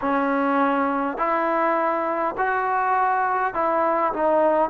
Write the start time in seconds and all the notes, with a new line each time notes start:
0.01 C#4
1.17 E4
2.37 F#4
3.53 E4
4.13 D#4